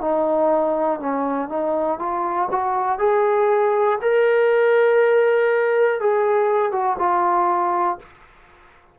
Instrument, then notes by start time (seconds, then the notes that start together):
trombone
0.00 D#4
1.00 C#4
1.49 D#4
1.99 F4
2.50 F#4
2.98 G#4
4.01 A#4
6.00 G#4
6.71 F#4
6.99 F4